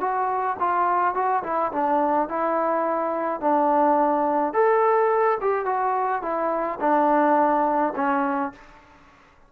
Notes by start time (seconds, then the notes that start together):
0.00 F#4
0.59 F4
1.15 F#4
1.43 E4
1.72 D4
2.29 E4
3.40 D4
4.53 A4
5.41 G4
5.66 F#4
6.22 E4
6.80 D4
7.96 C#4